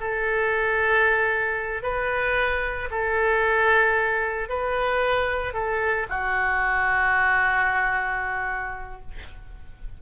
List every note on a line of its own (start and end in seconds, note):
0.00 1.83 A4
1.83 2.89 B4
2.91 4.49 A4
4.49 5.53 B4
5.53 6.07 A4
6.09 9.01 F#4